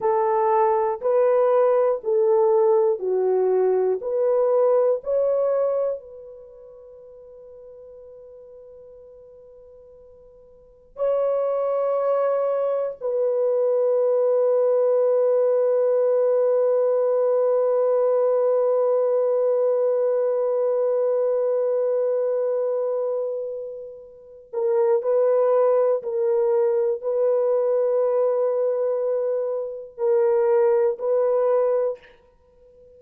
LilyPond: \new Staff \with { instrumentName = "horn" } { \time 4/4 \tempo 4 = 60 a'4 b'4 a'4 fis'4 | b'4 cis''4 b'2~ | b'2. cis''4~ | cis''4 b'2.~ |
b'1~ | b'1~ | b'8 ais'8 b'4 ais'4 b'4~ | b'2 ais'4 b'4 | }